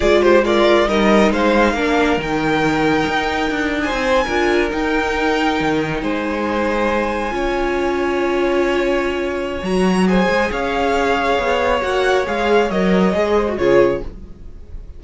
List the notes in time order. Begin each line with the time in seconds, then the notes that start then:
0.00 G#3 F4 G#4 D5
0.22 G4 C5
0.44 F4 A#4 D5
0.88 G3 D#4 A#4 D#5
1.31 G#3 C5 F5
1.72 A#3 D4 A#4
2.17 D#3 D#4 G5
3.07 D#4
3.50 D4
3.80 C5 G#5
3.92 C4
4.23 D4 F4 A#4
4.69 D#4 G5
5.60 D#3
6.02 G#3 C5 G#5
7.30 C#4 F4 C#5
9.62 F#3 F#4 A#5
10.07 G#4 C5 G#5
10.29 G#3
10.51 C#4 C#5 F5
11.38 B3
11.81 A#3 F#4 F#5
12.26 G#3 G#4 F5
12.70 F#3 A#4 D#5
13.13 G#3 G#4
13.34 C5
13.48 F#4
13.57 C#3 F4 G#4 C#5